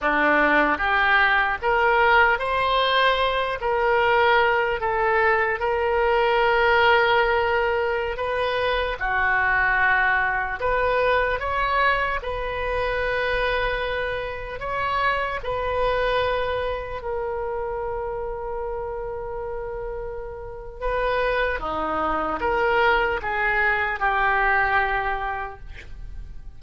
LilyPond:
\new Staff \with { instrumentName = "oboe" } { \time 4/4 \tempo 4 = 75 d'4 g'4 ais'4 c''4~ | c''8 ais'4. a'4 ais'4~ | ais'2~ ais'16 b'4 fis'8.~ | fis'4~ fis'16 b'4 cis''4 b'8.~ |
b'2~ b'16 cis''4 b'8.~ | b'4~ b'16 ais'2~ ais'8.~ | ais'2 b'4 dis'4 | ais'4 gis'4 g'2 | }